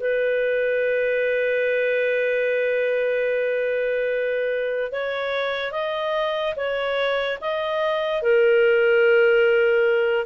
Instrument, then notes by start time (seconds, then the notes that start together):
clarinet
0.00 B4
4.92 C#5
5.72 D#5
6.56 C#5
7.42 D#5
8.22 A#4